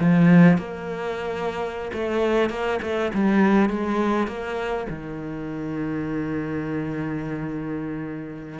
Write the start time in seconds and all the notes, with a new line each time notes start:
0.00 F3
0.58 A#3
1.93 A3
2.50 A#3
2.82 A3
3.14 G3
3.69 G#3
4.27 A#3
4.90 D#3